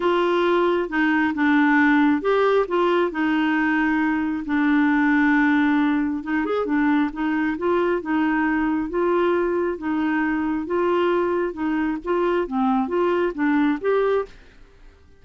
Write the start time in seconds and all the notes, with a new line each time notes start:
0.00 F4
0.89 D#4
1.34 D4
2.21 G4
2.68 F4
3.11 D#4
4.45 D4
6.23 D#4
6.45 G#4
6.65 D4
7.12 D#4
7.58 F4
8.01 D#4
8.89 F4
9.78 D#4
10.66 F4
11.53 D#4
12.04 F4
12.47 C4
12.88 F4
13.34 D4
13.80 G4